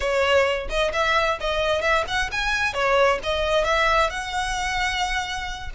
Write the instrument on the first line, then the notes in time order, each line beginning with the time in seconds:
violin
0.00 C#5
0.69 D#5
0.93 E5
1.40 D#5
1.81 E5
2.07 F#5
2.31 G#5
2.73 C#5
3.23 D#5
3.64 E5
4.10 F#5